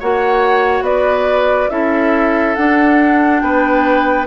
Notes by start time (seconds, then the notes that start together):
0.00 A#3 F#4 C#5 F#5
0.82 B3 B4 D5
1.70 C#4 E4 A4 E5
2.56 D4 F#5
3.41 B3 B4 G5